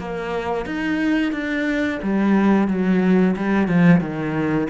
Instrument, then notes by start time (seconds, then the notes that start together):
cello
0.00 A#3
0.66 D#4
1.33 D4
2.03 G3
2.68 F#3
3.37 G3
3.68 F3
4.01 D#3